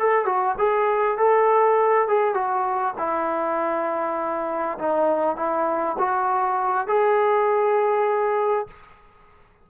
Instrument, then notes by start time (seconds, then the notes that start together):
trombone
0.00 A4
0.26 F#4
0.58 G#4
1.18 A4
2.08 G#4
2.35 F#4
2.99 E4
4.79 D#4
5.37 E4
5.99 F#4
6.88 G#4